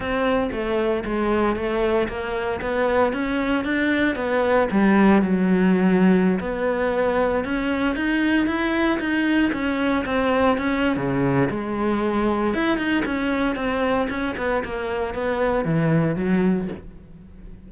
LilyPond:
\new Staff \with { instrumentName = "cello" } { \time 4/4 \tempo 4 = 115 c'4 a4 gis4 a4 | ais4 b4 cis'4 d'4 | b4 g4 fis2~ | fis16 b2 cis'4 dis'8.~ |
dis'16 e'4 dis'4 cis'4 c'8.~ | c'16 cis'8. cis4 gis2 | e'8 dis'8 cis'4 c'4 cis'8 b8 | ais4 b4 e4 fis4 | }